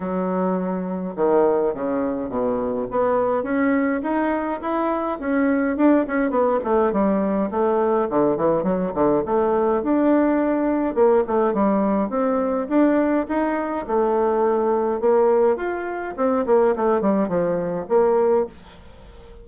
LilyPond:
\new Staff \with { instrumentName = "bassoon" } { \time 4/4 \tempo 4 = 104 fis2 dis4 cis4 | b,4 b4 cis'4 dis'4 | e'4 cis'4 d'8 cis'8 b8 a8 | g4 a4 d8 e8 fis8 d8 |
a4 d'2 ais8 a8 | g4 c'4 d'4 dis'4 | a2 ais4 f'4 | c'8 ais8 a8 g8 f4 ais4 | }